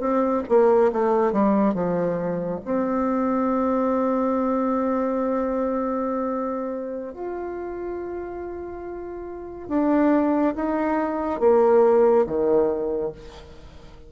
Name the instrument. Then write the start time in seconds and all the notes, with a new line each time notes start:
bassoon
0.00 C4
0.49 A#3
0.93 A3
1.32 G3
1.74 F3
2.65 C4
7.14 F4
9.69 D4
10.55 D#4
11.40 A#3
12.26 D#3